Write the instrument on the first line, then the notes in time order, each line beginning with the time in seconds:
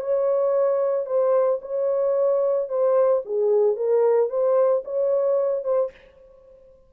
horn
0.00 C#5
1.05 C5
1.61 C#5
2.69 C5
3.25 G#4
3.76 A#4
4.29 C5
4.84 C#5
5.63 C5